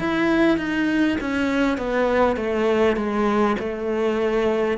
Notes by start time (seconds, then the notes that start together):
0.00 E4
0.58 D#4
1.21 C#4
1.78 B3
2.37 A3
2.97 G#3
3.59 A3